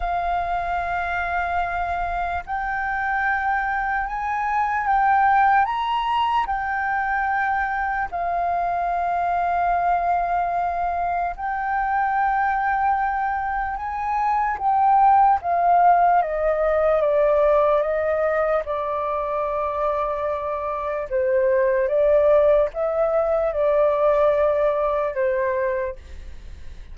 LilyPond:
\new Staff \with { instrumentName = "flute" } { \time 4/4 \tempo 4 = 74 f''2. g''4~ | g''4 gis''4 g''4 ais''4 | g''2 f''2~ | f''2 g''2~ |
g''4 gis''4 g''4 f''4 | dis''4 d''4 dis''4 d''4~ | d''2 c''4 d''4 | e''4 d''2 c''4 | }